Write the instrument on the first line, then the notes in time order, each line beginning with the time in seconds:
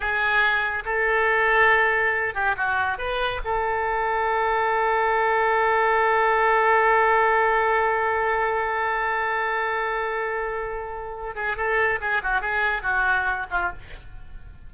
oboe
0.00 G#4
0.85 A4
2.34 G4
2.56 F#4
2.97 B4
3.44 A4
11.35 G#4
11.56 A4
12.00 G#4
12.22 F#4
12.41 G#4
12.82 F#4
13.50 F4